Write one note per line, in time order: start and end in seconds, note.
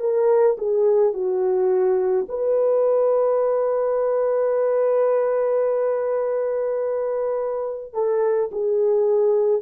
0.00 0.57 A#4
0.58 1.13 G#4
1.13 2.26 F#4
2.28 7.93 B4
7.93 8.50 A4
8.52 9.62 G#4